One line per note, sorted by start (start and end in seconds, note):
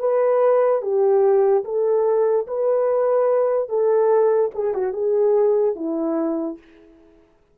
0.00 0.82 B4
0.82 1.64 G4
1.65 2.47 A4
2.47 3.69 B4
3.69 4.51 A4
4.55 4.74 G#4
4.74 4.94 F#4
4.94 5.76 G#4
5.76 6.58 E4